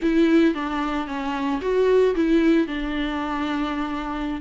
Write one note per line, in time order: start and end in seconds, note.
0.01 0.54 E4
0.54 1.07 D4
1.07 1.60 C#4
1.61 2.15 F#4
2.15 2.67 E4
2.67 4.41 D4